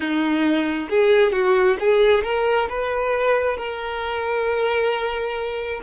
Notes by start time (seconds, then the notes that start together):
0.00 D#4
0.89 G#4
1.32 F#4
1.79 G#4
2.23 A#4
2.69 B4
3.57 A#4